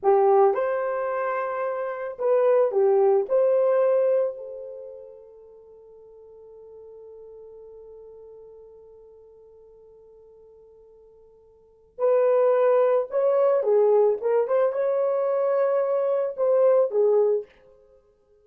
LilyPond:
\new Staff \with { instrumentName = "horn" } { \time 4/4 \tempo 4 = 110 g'4 c''2. | b'4 g'4 c''2 | a'1~ | a'1~ |
a'1~ | a'2 b'2 | cis''4 gis'4 ais'8 c''8 cis''4~ | cis''2 c''4 gis'4 | }